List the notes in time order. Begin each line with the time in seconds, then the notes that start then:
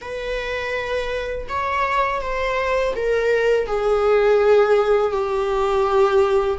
0.01 B4
1.48 C#5
2.21 C5
2.95 A#4
3.66 G#4
5.12 G4